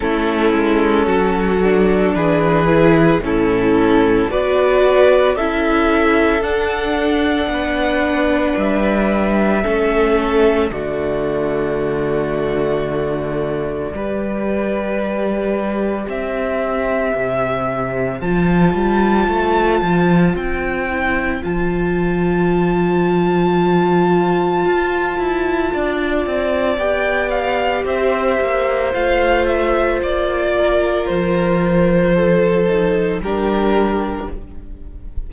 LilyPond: <<
  \new Staff \with { instrumentName = "violin" } { \time 4/4 \tempo 4 = 56 a'2 b'4 a'4 | d''4 e''4 fis''2 | e''2 d''2~ | d''2. e''4~ |
e''4 a''2 g''4 | a''1~ | a''4 g''8 f''8 e''4 f''8 e''8 | d''4 c''2 ais'4 | }
  \new Staff \with { instrumentName = "violin" } { \time 4/4 e'4 fis'4 gis'4 e'4 | b'4 a'2 b'4~ | b'4 a'4 fis'2~ | fis'4 b'2 c''4~ |
c''1~ | c''1 | d''2 c''2~ | c''8 ais'4. a'4 g'4 | }
  \new Staff \with { instrumentName = "viola" } { \time 4/4 cis'4. d'4 e'8 cis'4 | fis'4 e'4 d'2~ | d'4 cis'4 a2~ | a4 g'2.~ |
g'4 f'2~ f'8 e'8 | f'1~ | f'4 g'2 f'4~ | f'2~ f'8 dis'8 d'4 | }
  \new Staff \with { instrumentName = "cello" } { \time 4/4 a8 gis8 fis4 e4 a,4 | b4 cis'4 d'4 b4 | g4 a4 d2~ | d4 g2 c'4 |
c4 f8 g8 a8 f8 c'4 | f2. f'8 e'8 | d'8 c'8 b4 c'8 ais8 a4 | ais4 f2 g4 | }
>>